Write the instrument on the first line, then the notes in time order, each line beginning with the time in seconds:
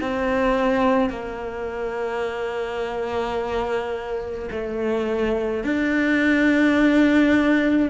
cello
0.00 C4
1.09 A#3
4.50 A3
5.63 D4